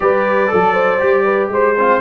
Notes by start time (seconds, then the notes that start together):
0.00 G3 G4 B4 D5
0.47 A4
0.53 F#3
0.73 C5
0.99 G3 G4
1.24 B4
1.48 G#3 C5
1.78 C4 F4